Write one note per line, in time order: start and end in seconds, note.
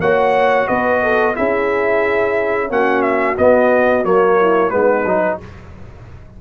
0.00 0.67 A#3
0.00 1.35 F#4
0.00 0.68 C#5
0.00 0.68 F#5
0.68 1.37 B3
0.68 1.02 B4
0.68 1.36 D#5
1.03 1.37 A4
1.35 2.71 C#4
1.35 2.70 E4
1.35 2.72 G#4
1.35 2.71 E5
2.70 3.38 A#3
2.70 3.37 C#4
2.70 4.40 F#4
2.70 3.02 F#5
3.02 3.36 E5
3.38 4.05 B3
3.38 4.04 B3
3.38 4.05 D#5
4.04 4.72 F#3
4.04 4.71 A#3
4.04 4.71 C#5
4.40 4.74 E4
4.71 5.05 G#3
4.71 5.05 B3
4.71 5.41 D#4
4.71 5.38 B4
5.05 5.39 F#3
5.05 5.41 D#4